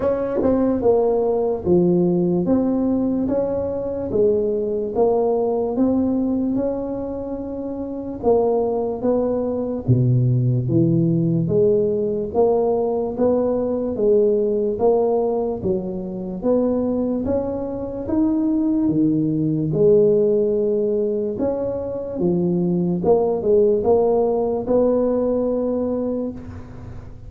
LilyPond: \new Staff \with { instrumentName = "tuba" } { \time 4/4 \tempo 4 = 73 cis'8 c'8 ais4 f4 c'4 | cis'4 gis4 ais4 c'4 | cis'2 ais4 b4 | b,4 e4 gis4 ais4 |
b4 gis4 ais4 fis4 | b4 cis'4 dis'4 dis4 | gis2 cis'4 f4 | ais8 gis8 ais4 b2 | }